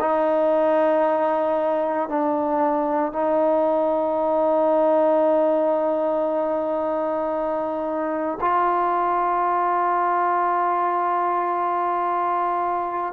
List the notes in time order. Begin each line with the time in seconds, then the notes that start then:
0.00 D#4
2.09 D4
3.13 D#4
8.41 F4